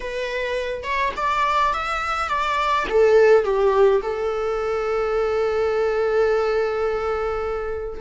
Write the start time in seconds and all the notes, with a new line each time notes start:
0.00 B4
0.83 C#5
1.16 D5
1.73 E5
2.28 D5
2.89 A4
3.44 G4
4.02 A4